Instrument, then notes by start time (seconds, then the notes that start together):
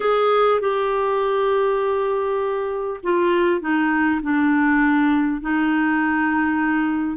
clarinet
0.00 G#4
0.60 G4
3.03 F4
3.61 D#4
4.22 D4
5.41 D#4